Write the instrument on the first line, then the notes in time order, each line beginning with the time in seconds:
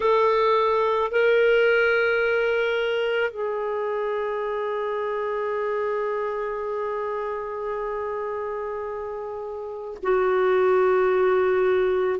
clarinet
0.00 A4
1.11 A#4
3.30 G#4
10.03 F#4